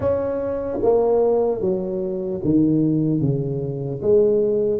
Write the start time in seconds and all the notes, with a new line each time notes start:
0.00 C#4
0.82 A#3
1.60 F#3
2.44 D#3
3.20 C#3
4.02 G#3